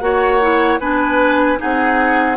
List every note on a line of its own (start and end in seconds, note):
0.00 0.80 A#3
0.00 0.41 F#4
0.00 0.80 C#5
0.00 0.79 F#5
0.41 0.81 E4
0.80 1.59 B3
0.80 1.58 D4
0.80 1.59 B4
0.80 1.60 G#5
1.58 2.37 C4
1.58 2.37 D#4
1.58 2.37 G#4
1.58 2.37 F#5